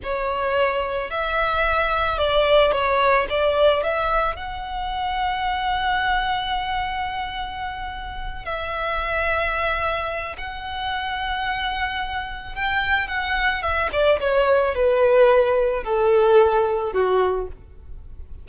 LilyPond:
\new Staff \with { instrumentName = "violin" } { \time 4/4 \tempo 4 = 110 cis''2 e''2 | d''4 cis''4 d''4 e''4 | fis''1~ | fis''2.~ fis''8 e''8~ |
e''2. fis''4~ | fis''2. g''4 | fis''4 e''8 d''8 cis''4 b'4~ | b'4 a'2 fis'4 | }